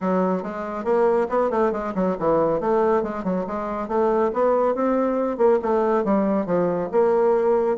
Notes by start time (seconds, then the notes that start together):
0.00 F#3
0.43 G#3
0.84 A#3
1.29 B3
1.50 A3
1.72 G#3
1.94 F#3
2.19 E3
2.60 A3
3.02 G#3
3.24 F#3
3.46 G#3
3.88 A3
4.33 B3
4.74 C4
5.37 A#3
5.62 A3
6.04 G3
6.46 F3
6.91 A#3